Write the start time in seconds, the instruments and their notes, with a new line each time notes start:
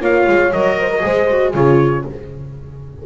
0.00 double bass A#3, viola F4, horn C#5, trumpet F5
0.27 double bass G#3
0.53 double bass F#3, viola A#4, trumpet D#5
0.80 horn C5
0.91 horn A#4
1.00 double bass G#3, viola G#4, horn C5
1.31 viola F#4
1.54 double bass C#3, viola F4, horn G#4, trumpet C#5